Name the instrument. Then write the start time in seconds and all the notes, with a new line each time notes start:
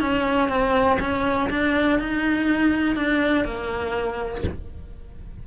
cello
0.00 C#4
0.48 C4
1.00 C#4
1.50 D4
1.99 D#4
2.95 D4
3.44 A#3